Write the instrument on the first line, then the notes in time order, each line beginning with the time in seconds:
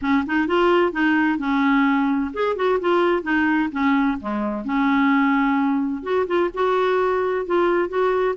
clarinet
0.01 C#4
0.26 D#4
0.47 F4
0.92 D#4
1.38 C#4
2.33 G#4
2.55 F#4
2.80 F4
3.23 D#4
3.71 C#4
4.20 G#3
4.64 C#4
6.03 F#4
6.26 F4
6.54 F#4
7.45 F4
7.88 F#4